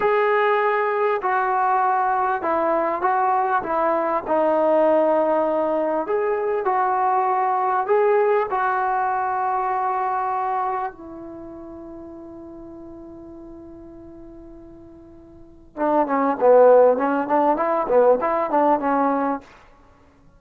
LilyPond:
\new Staff \with { instrumentName = "trombone" } { \time 4/4 \tempo 4 = 99 gis'2 fis'2 | e'4 fis'4 e'4 dis'4~ | dis'2 gis'4 fis'4~ | fis'4 gis'4 fis'2~ |
fis'2 e'2~ | e'1~ | e'2 d'8 cis'8 b4 | cis'8 d'8 e'8 b8 e'8 d'8 cis'4 | }